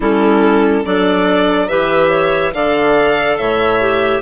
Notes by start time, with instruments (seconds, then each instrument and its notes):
0.00 bassoon G3, clarinet C#4 E4, violin A4
0.85 bassoon F#3, clarinet D4 A4, violin D5
1.68 bassoon E3, clarinet G4 B4, violin E5
2.09 clarinet C#5
2.53 bassoon D3, clarinet A4 D5, violin F5
3.37 bassoon A2, clarinet C#5, violin E5
3.80 clarinet G4